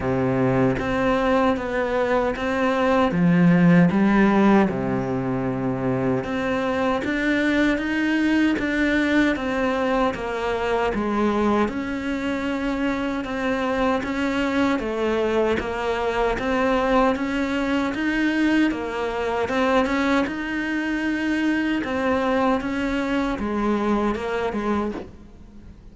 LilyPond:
\new Staff \with { instrumentName = "cello" } { \time 4/4 \tempo 4 = 77 c4 c'4 b4 c'4 | f4 g4 c2 | c'4 d'4 dis'4 d'4 | c'4 ais4 gis4 cis'4~ |
cis'4 c'4 cis'4 a4 | ais4 c'4 cis'4 dis'4 | ais4 c'8 cis'8 dis'2 | c'4 cis'4 gis4 ais8 gis8 | }